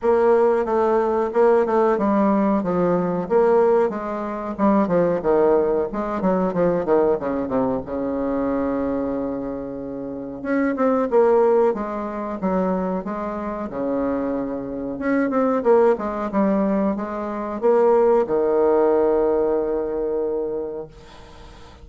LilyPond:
\new Staff \with { instrumentName = "bassoon" } { \time 4/4 \tempo 4 = 92 ais4 a4 ais8 a8 g4 | f4 ais4 gis4 g8 f8 | dis4 gis8 fis8 f8 dis8 cis8 c8 | cis1 |
cis'8 c'8 ais4 gis4 fis4 | gis4 cis2 cis'8 c'8 | ais8 gis8 g4 gis4 ais4 | dis1 | }